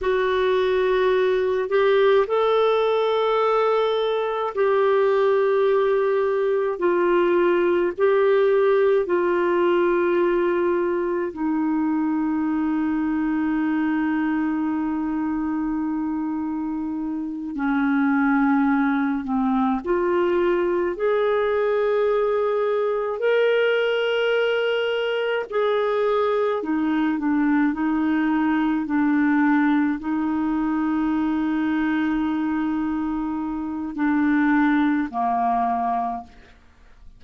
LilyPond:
\new Staff \with { instrumentName = "clarinet" } { \time 4/4 \tempo 4 = 53 fis'4. g'8 a'2 | g'2 f'4 g'4 | f'2 dis'2~ | dis'2.~ dis'8 cis'8~ |
cis'4 c'8 f'4 gis'4.~ | gis'8 ais'2 gis'4 dis'8 | d'8 dis'4 d'4 dis'4.~ | dis'2 d'4 ais4 | }